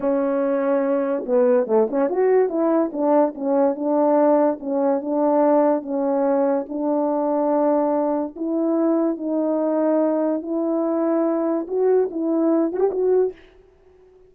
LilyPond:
\new Staff \with { instrumentName = "horn" } { \time 4/4 \tempo 4 = 144 cis'2. b4 | a8 cis'8 fis'4 e'4 d'4 | cis'4 d'2 cis'4 | d'2 cis'2 |
d'1 | e'2 dis'2~ | dis'4 e'2. | fis'4 e'4. fis'16 g'16 fis'4 | }